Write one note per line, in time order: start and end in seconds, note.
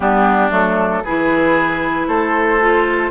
0.00 0.50 G3
0.00 0.50 B3
0.00 1.03 D4
0.00 0.51 G4
0.50 1.02 F#3
0.50 1.02 A3
0.50 1.04 A4
1.04 2.07 E3
1.04 2.60 E4
1.04 2.07 G#4
1.04 2.07 B4
2.07 3.11 A3
2.07 3.11 A4
2.07 3.11 C5
2.60 3.11 F4